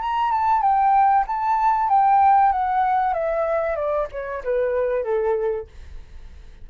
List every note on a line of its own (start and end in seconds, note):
0.00 0.31 A#5
0.31 0.61 A5
0.61 1.24 G5
1.27 1.89 A5
1.89 2.52 G5
2.52 3.13 F#5
3.13 3.76 E5
3.76 4.07 D5
4.11 4.43 C#5
4.44 5.04 B4
5.04 5.67 A4